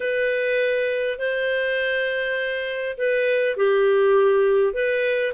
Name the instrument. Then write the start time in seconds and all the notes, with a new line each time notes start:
clarinet
0.00 B4
1.18 C5
2.97 B4
3.56 G4
4.73 B4